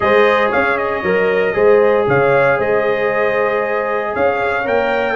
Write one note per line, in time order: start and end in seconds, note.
0.00 0.52 G#3
0.00 1.03 G#4
0.00 0.49 C5
0.00 0.51 D#5
0.49 1.02 C#4
0.49 1.53 C#5
0.49 0.77 F5
0.77 2.07 D#5
1.02 1.54 F#3
1.02 1.53 A#4
1.53 2.07 G#3
1.53 4.64 G#4
1.53 2.06 C5
2.07 2.59 C#3
2.07 2.57 C#5
2.07 2.60 F5
2.57 4.14 G#3
2.57 4.12 C5
2.57 4.15 D#5
4.14 4.67 C#4
4.14 5.15 C#5
4.14 4.67 F5
4.65 5.15 A#3
4.65 5.15 A#4
4.65 5.15 G5